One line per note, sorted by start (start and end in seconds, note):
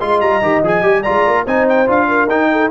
0.00 0.21 G#3
0.00 0.42 F4
0.00 1.02 D#5
0.00 0.21 C6
0.21 0.41 G3
0.21 0.63 A#5
0.42 0.62 D#3
0.42 0.63 G4
0.63 0.82 F3
0.63 0.83 G#4
0.63 1.03 G#5
0.82 1.03 G3
0.82 1.04 G4
1.02 1.47 F4
1.02 1.44 D5
1.02 1.44 A#5
1.08 1.27 G#3
1.27 1.46 A#3
1.45 1.88 C4
1.45 1.87 D#4
1.45 2.07 C5
1.45 1.68 G#5
1.69 1.90 G5
1.87 2.26 D4
1.87 2.28 F4
1.87 2.29 F5
2.08 2.49 A#4
2.26 2.68 D#4
2.26 2.71 D#4
2.26 2.71 G5
2.52 2.71 A4